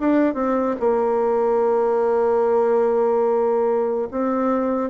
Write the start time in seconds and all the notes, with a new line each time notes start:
0.00 D4
0.34 C4
0.80 A#3
4.11 C4